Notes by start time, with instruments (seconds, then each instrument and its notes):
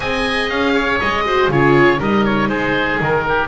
0.00 double bass C4, viola G#4, oboe D#5 G#5
0.49 double bass C#4, oboe F5
0.74 oboe C#5
1.00 double bass G#3, oboe D#5
1.25 viola F#4, oboe C5
1.48 double bass C#3, viola F4, oboe C#5
1.54 oboe G#4
1.98 double bass G3, viola D#4, oboe A#4 D#5
2.24 oboe C#5
2.48 double bass G#3, oboe G#4 C5
2.99 double bass D#3, oboe A#4
3.28 oboe G4